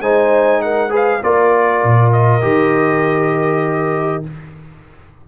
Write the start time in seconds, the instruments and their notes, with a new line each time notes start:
0.00 tuba G#3, trombone D#4, horn C5, trumpet G#5
0.61 horn A#4, trumpet F#5
0.89 trombone G#4, horn B4
0.95 trumpet F5
1.23 tuba A#3, trombone F4, horn A#4, trumpet D5
1.83 tuba A#2
2.12 trumpet D#5
2.41 tuba D#3, trombone G4